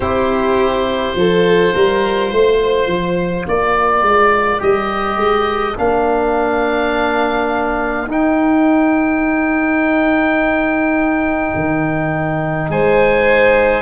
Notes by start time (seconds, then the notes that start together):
0.00 C4 E4 G4 C5
1.15 F3 F4 A4
1.74 G3 A#4
2.31 A3 C5
2.86 F3
3.44 A#3 A#4 D5
4.02 G#3
4.58 G3 G4 D#5
5.16 G#3
5.76 A#3 D4 F5
8.06 D#4 G5
11.55 D#3
12.69 G#3 C5 G#5